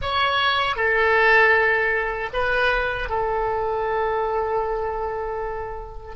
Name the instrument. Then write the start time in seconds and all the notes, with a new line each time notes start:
oboe
0.01 C#5
0.76 A4
2.33 B4
3.09 A4